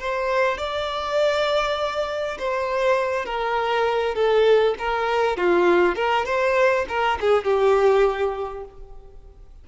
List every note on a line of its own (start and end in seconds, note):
0.00 0.58 C5
0.58 2.38 D5
2.39 3.25 C5
3.25 4.15 A#4
4.15 4.75 A4
4.79 5.37 A#4
5.37 5.96 F4
5.96 6.26 A#4
6.26 6.86 C5
6.89 7.19 A#4
7.21 7.45 G#4
7.45 8.65 G4